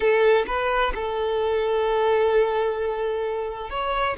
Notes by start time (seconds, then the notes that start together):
0.00 A4
0.46 B4
0.95 A4
3.70 C#5